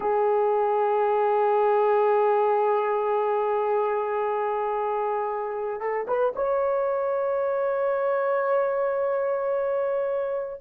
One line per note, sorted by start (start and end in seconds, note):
0.00 5.80 G#4
5.80 6.06 A4
6.07 6.33 B4
6.35 10.60 C#5